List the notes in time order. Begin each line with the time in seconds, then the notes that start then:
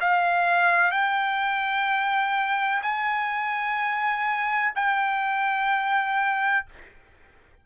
0.00 F5
0.90 G5
2.82 G#5
4.75 G5